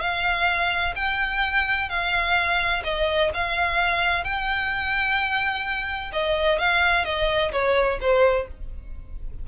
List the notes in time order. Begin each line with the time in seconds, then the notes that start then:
0.00 F5
0.95 G5
1.89 F5
2.84 D#5
3.34 F5
4.24 G5
6.12 D#5
6.59 F5
7.04 D#5
7.51 C#5
8.00 C5